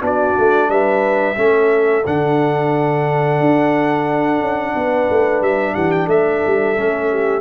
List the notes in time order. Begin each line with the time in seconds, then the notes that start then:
0.00 B3 D4 F#4 D5
0.38 A3
0.68 G3 B4 E5
1.36 A3 C#4 A4
2.04 D3 D4 F#5
3.40 D4
4.40 C#4
4.74 B3 B4
5.09 A3
5.41 G3 E5
5.73 E3 G4 F#5
5.91 G5
6.05 A3 A4 E5
6.46 G3
6.76 A3 C#4
7.10 G4